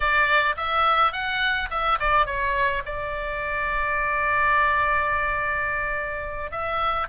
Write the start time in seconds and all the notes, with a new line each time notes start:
0.00 D5
0.57 E5
1.12 F#5
1.70 E5
1.99 D5
2.26 C#5
2.85 D5
6.51 E5